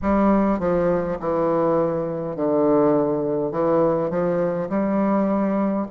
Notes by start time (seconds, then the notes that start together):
0.02 G3
0.59 F3
1.20 E3
2.35 D3
3.51 E3
4.10 F3
4.68 G3